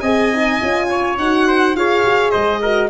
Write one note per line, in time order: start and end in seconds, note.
0.00 0.59 C4
0.00 0.33 G#4
0.00 0.88 D#5
0.00 1.15 G#5
0.33 0.61 D#4
0.61 1.18 C#4
0.61 1.18 F4
0.89 1.47 C#5
1.18 1.75 D#4
1.18 1.76 F#4
1.18 1.76 F#5
1.47 1.76 C5
1.75 2.04 F4
1.75 2.62 G#4
1.75 2.31 C#5
1.75 2.30 F5
2.04 2.33 F#4
2.30 2.90 G#3
2.30 2.59 C5
2.30 2.88 D#5
2.61 2.90 F#4
2.61 2.90 A#4